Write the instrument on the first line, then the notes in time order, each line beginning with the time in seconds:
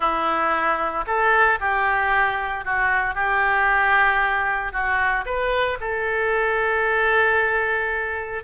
oboe
0.00 E4
1.06 A4
1.60 G4
2.64 F#4
3.14 G4
4.72 F#4
5.25 B4
5.80 A4